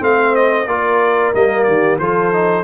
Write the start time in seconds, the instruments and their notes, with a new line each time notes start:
0.00 tuba A3, trombone C4, horn C5, trumpet F5
0.36 trumpet D#5
0.67 tuba A#3, trombone F4, horn A#4, trumpet D5
1.35 tuba G3, trombone A#3, trumpet D#5
1.64 tuba D#3, horn G4, trumpet D5
1.99 tuba F3, trombone F4, horn A4, trumpet C5
2.33 trombone D#4